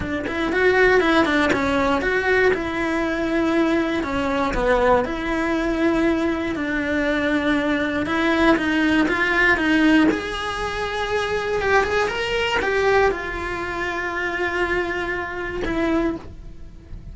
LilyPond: \new Staff \with { instrumentName = "cello" } { \time 4/4 \tempo 4 = 119 d'8 e'8 fis'4 e'8 d'8 cis'4 | fis'4 e'2. | cis'4 b4 e'2~ | e'4 d'2. |
e'4 dis'4 f'4 dis'4 | gis'2. g'8 gis'8 | ais'4 g'4 f'2~ | f'2. e'4 | }